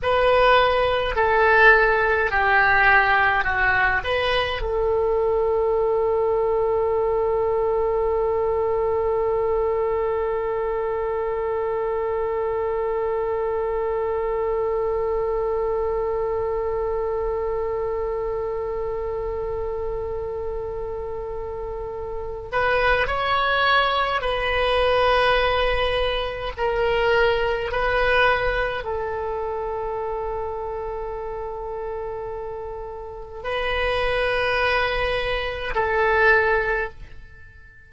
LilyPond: \new Staff \with { instrumentName = "oboe" } { \time 4/4 \tempo 4 = 52 b'4 a'4 g'4 fis'8 b'8 | a'1~ | a'1~ | a'1~ |
a'2.~ a'8 b'8 | cis''4 b'2 ais'4 | b'4 a'2.~ | a'4 b'2 a'4 | }